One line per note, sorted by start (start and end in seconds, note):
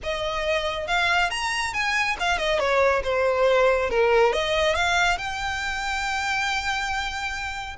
0.03 0.87 D#5
0.87 1.30 F5
1.30 1.73 A#5
1.73 2.16 G#5
2.19 2.37 F5
2.37 2.59 D#5
2.59 3.02 C#5
3.03 3.90 C5
3.90 4.32 A#4
4.32 4.75 D#5
4.75 5.17 F5
5.17 7.76 G5